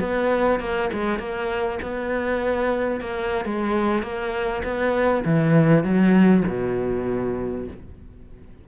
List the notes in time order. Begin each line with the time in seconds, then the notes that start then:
0.00 B3
0.60 A#3
0.94 G#3
1.19 A#3
1.83 B3
3.01 A#3
3.46 G#3
4.03 A#3
4.64 B3
5.25 E3
5.84 F#3
6.48 B2